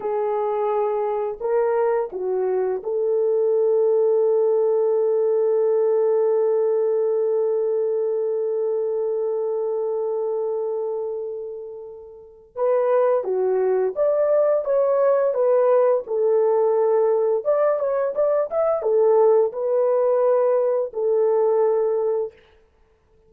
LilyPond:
\new Staff \with { instrumentName = "horn" } { \time 4/4 \tempo 4 = 86 gis'2 ais'4 fis'4 | a'1~ | a'1~ | a'1~ |
a'2 b'4 fis'4 | d''4 cis''4 b'4 a'4~ | a'4 d''8 cis''8 d''8 e''8 a'4 | b'2 a'2 | }